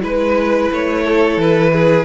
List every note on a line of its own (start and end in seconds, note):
0.00 0.71 G#3
0.00 2.04 E4
0.00 0.71 B4
0.00 1.03 B4
0.71 1.36 A3
0.71 1.40 C#5
1.03 1.71 A4
1.36 2.04 E3
1.36 2.04 B4
1.72 2.04 G#4